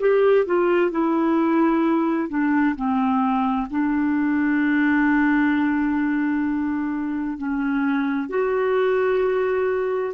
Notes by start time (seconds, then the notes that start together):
0.00 G4
0.46 F4
0.91 E4
2.30 D4
2.76 C4
3.70 D4
7.38 C#4
8.30 F#4